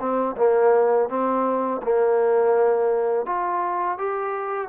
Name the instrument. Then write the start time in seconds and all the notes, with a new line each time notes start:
trombone
0.00 C4
0.37 A#3
1.09 C4
1.83 A#3
3.26 F4
3.98 G4